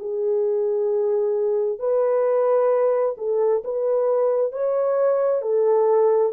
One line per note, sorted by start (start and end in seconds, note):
0.00 1.80 G#4
1.80 3.16 B4
3.18 3.63 A4
3.64 4.52 B4
4.52 5.42 C#5
5.42 6.33 A4